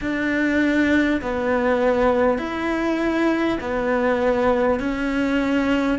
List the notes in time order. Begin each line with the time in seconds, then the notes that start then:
0.01 D4
1.21 B3
2.38 E4
3.60 B3
4.79 C#4